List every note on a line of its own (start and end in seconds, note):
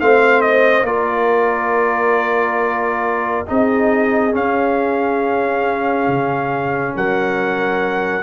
0.00 0.82 A3
0.00 0.86 C4
0.00 0.87 C5
0.00 0.42 F5
0.42 0.85 D#5
0.82 3.43 A#3
0.82 3.46 F4
0.82 3.48 A#4
0.82 3.47 D5
3.46 4.35 C4
3.46 4.32 D#4
3.46 6.95 G#4
3.46 4.35 D#5
4.32 8.23 C#4
4.32 6.08 C#4
4.32 6.97 F5
6.08 6.95 C#3
6.95 8.24 F#3
6.95 8.24 A#4
6.95 8.24 F#5